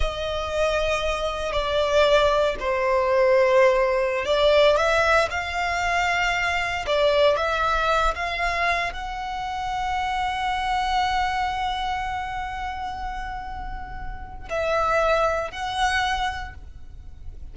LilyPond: \new Staff \with { instrumentName = "violin" } { \time 4/4 \tempo 4 = 116 dis''2. d''4~ | d''4 c''2.~ | c''16 d''4 e''4 f''4.~ f''16~ | f''4~ f''16 d''4 e''4. f''16~ |
f''4~ f''16 fis''2~ fis''8.~ | fis''1~ | fis''1 | e''2 fis''2 | }